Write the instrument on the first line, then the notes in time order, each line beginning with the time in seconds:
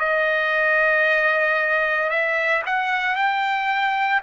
trumpet
0.00 D#5
2.10 E5
2.67 F#5
3.16 G5